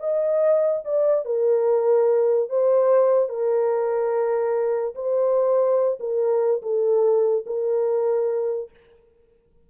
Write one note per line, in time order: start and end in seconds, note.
0.00 0.83 D#5
0.85 1.25 D5
1.25 2.50 A#4
2.50 3.29 C5
3.29 4.95 A#4
4.95 5.99 C5
6.00 6.62 A#4
6.63 7.46 A4
7.47 8.71 A#4